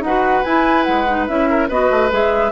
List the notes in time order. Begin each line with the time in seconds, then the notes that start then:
0.00 D#4 F#4 B4 F#5
0.43 E4 G#5
0.84 G#3 F#5
1.07 D#4
1.27 C#4 E4 E5
1.50 A#4
1.68 B3 F#4 B4 D#5
1.90 A3
2.10 G#3 G#4 E5